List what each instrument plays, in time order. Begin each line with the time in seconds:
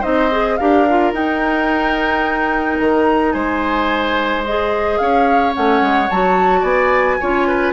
0.00 bassoon C4, clarinet D#4, oboe C5, flute D#5
0.31 clarinet G#4
0.57 bassoon D4, clarinet G4, oboe A#4, flute F5
0.89 clarinet F4
1.13 bassoon D#4, clarinet D#4, flute G5
2.78 bassoon D#3, flute A#5
3.32 bassoon G#3, oboe C5, flute G#5
4.44 clarinet G#4, flute D#5
4.98 bassoon C#4, oboe C#5, flute F5
5.53 bassoon A3, clarinet C#4, flute F#5
5.81 bassoon G#3
6.10 bassoon F#3, clarinet F#4, flute A5
6.60 bassoon B3, oboe D5, flute G#5
7.20 bassoon C#4, clarinet F4, oboe C#5
7.47 oboe B4